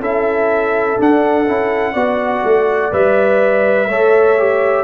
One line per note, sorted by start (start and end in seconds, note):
0.00 0.97 C#4
0.00 0.96 E4
0.00 1.93 A4
0.00 0.99 E5
0.96 1.45 D4
0.96 1.47 D4
0.96 2.93 F#5
1.47 1.94 C#4
1.47 1.95 E4
1.93 2.43 B3
1.93 2.91 F#4
1.93 3.86 D5
2.44 2.92 A3
2.91 3.88 G3
2.91 3.88 B4
2.91 4.83 E5
3.88 4.83 A3
3.88 4.38 A4
3.88 4.83 C#5
4.38 4.83 G4